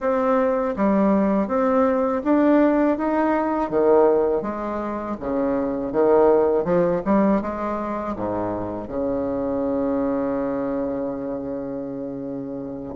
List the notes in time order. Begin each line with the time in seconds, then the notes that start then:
0.00 C4
0.76 G3
1.47 C4
2.24 D4
2.97 D#4
3.70 D#3
4.41 G#3
5.20 C#3
5.92 D#3
6.64 F3
7.05 G3
7.41 G#3
8.15 G#2
8.88 C#3